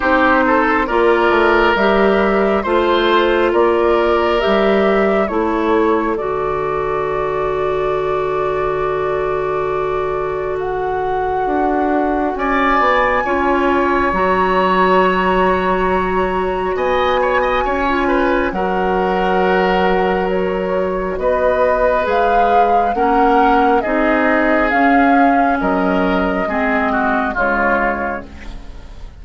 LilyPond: <<
  \new Staff \with { instrumentName = "flute" } { \time 4/4 \tempo 4 = 68 c''4 d''4 e''4 c''4 | d''4 e''4 cis''4 d''4~ | d''1 | fis''2 gis''2 |
ais''2. gis''4~ | gis''4 fis''2 cis''4 | dis''4 f''4 fis''4 dis''4 | f''4 dis''2 cis''4 | }
  \new Staff \with { instrumentName = "oboe" } { \time 4/4 g'8 a'8 ais'2 c''4 | ais'2 a'2~ | a'1~ | a'2 d''4 cis''4~ |
cis''2. dis''8 cis''16 dis''16 | cis''8 b'8 ais'2. | b'2 ais'4 gis'4~ | gis'4 ais'4 gis'8 fis'8 f'4 | }
  \new Staff \with { instrumentName = "clarinet" } { \time 4/4 dis'4 f'4 g'4 f'4~ | f'4 g'4 e'4 fis'4~ | fis'1~ | fis'2. f'4 |
fis'1~ | fis'16 f'8. fis'2.~ | fis'4 gis'4 cis'4 dis'4 | cis'2 c'4 gis4 | }
  \new Staff \with { instrumentName = "bassoon" } { \time 4/4 c'4 ais8 a8 g4 a4 | ais4 g4 a4 d4~ | d1~ | d4 d'4 cis'8 b8 cis'4 |
fis2. b4 | cis'4 fis2. | b4 gis4 ais4 c'4 | cis'4 fis4 gis4 cis4 | }
>>